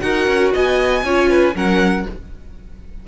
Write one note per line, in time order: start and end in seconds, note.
0.00 0.28 D#4
0.00 1.03 F#4
0.00 0.53 A#4
0.00 0.51 F#5
0.28 0.53 C#4
0.53 1.04 B3
0.53 1.04 D#5
0.53 1.57 G#5
1.04 1.54 C#4
1.04 1.55 F4
1.04 1.30 C#5
1.30 1.55 B4
1.55 2.06 F#3
1.55 2.05 C#4
1.55 2.07 A#4
1.55 2.08 F#5